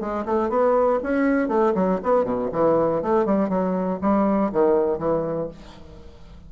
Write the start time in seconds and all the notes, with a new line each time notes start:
0.00 G#3
0.25 A3
0.49 B3
1.03 C#4
1.48 A3
1.74 F#3
2.02 B3
2.24 B2
2.52 E3
3.02 A3
3.25 G3
3.49 F#3
4.01 G3
4.52 D#3
4.98 E3